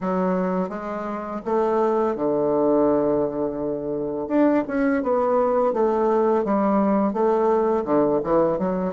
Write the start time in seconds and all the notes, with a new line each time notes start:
0.00 F#3
0.69 G#3
1.45 A3
2.15 D3
4.28 D4
4.67 C#4
5.03 B3
5.73 A3
6.44 G3
7.13 A3
7.84 D3
8.23 E3
8.58 F#3